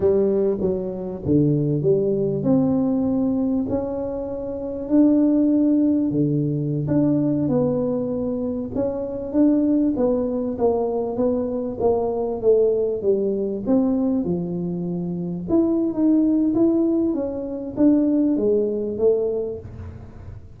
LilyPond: \new Staff \with { instrumentName = "tuba" } { \time 4/4 \tempo 4 = 98 g4 fis4 d4 g4 | c'2 cis'2 | d'2 d4~ d16 d'8.~ | d'16 b2 cis'4 d'8.~ |
d'16 b4 ais4 b4 ais8.~ | ais16 a4 g4 c'4 f8.~ | f4~ f16 e'8. dis'4 e'4 | cis'4 d'4 gis4 a4 | }